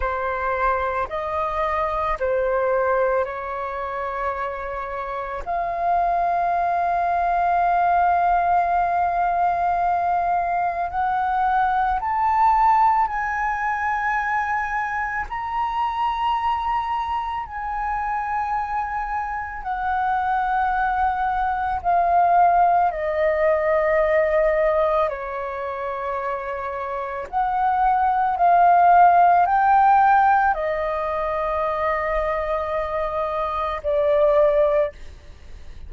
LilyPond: \new Staff \with { instrumentName = "flute" } { \time 4/4 \tempo 4 = 55 c''4 dis''4 c''4 cis''4~ | cis''4 f''2.~ | f''2 fis''4 a''4 | gis''2 ais''2 |
gis''2 fis''2 | f''4 dis''2 cis''4~ | cis''4 fis''4 f''4 g''4 | dis''2. d''4 | }